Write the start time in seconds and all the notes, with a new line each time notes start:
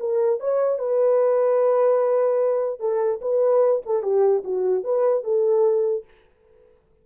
0.00 A#4
0.40 C#5
0.79 B4
2.80 A4
3.22 B4
3.86 A4
4.03 G4
4.45 F#4
4.84 B4
5.24 A4